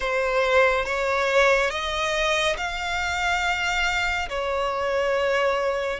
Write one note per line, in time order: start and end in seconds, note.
0.00 0.85 C5
0.85 1.70 C#5
1.70 2.56 D#5
2.57 4.28 F5
4.29 5.99 C#5